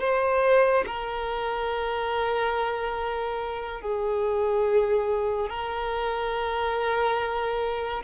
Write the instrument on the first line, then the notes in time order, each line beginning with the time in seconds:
violin
0.00 C5
0.87 A#4
3.81 G#4
5.50 A#4